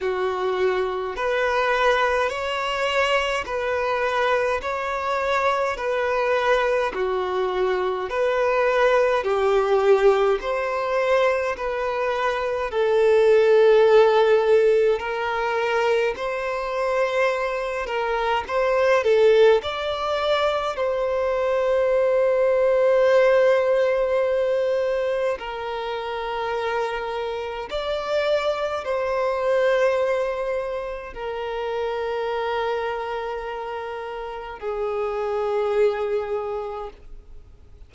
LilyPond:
\new Staff \with { instrumentName = "violin" } { \time 4/4 \tempo 4 = 52 fis'4 b'4 cis''4 b'4 | cis''4 b'4 fis'4 b'4 | g'4 c''4 b'4 a'4~ | a'4 ais'4 c''4. ais'8 |
c''8 a'8 d''4 c''2~ | c''2 ais'2 | d''4 c''2 ais'4~ | ais'2 gis'2 | }